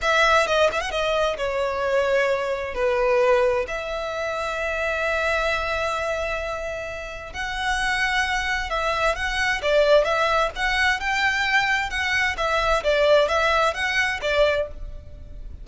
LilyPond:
\new Staff \with { instrumentName = "violin" } { \time 4/4 \tempo 4 = 131 e''4 dis''8 e''16 fis''16 dis''4 cis''4~ | cis''2 b'2 | e''1~ | e''1 |
fis''2. e''4 | fis''4 d''4 e''4 fis''4 | g''2 fis''4 e''4 | d''4 e''4 fis''4 d''4 | }